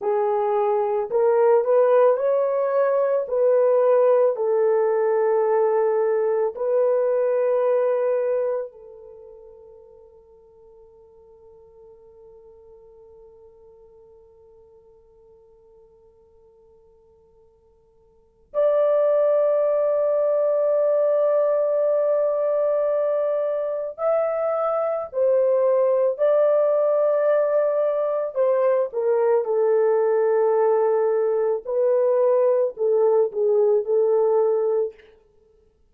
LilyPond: \new Staff \with { instrumentName = "horn" } { \time 4/4 \tempo 4 = 55 gis'4 ais'8 b'8 cis''4 b'4 | a'2 b'2 | a'1~ | a'1~ |
a'4 d''2.~ | d''2 e''4 c''4 | d''2 c''8 ais'8 a'4~ | a'4 b'4 a'8 gis'8 a'4 | }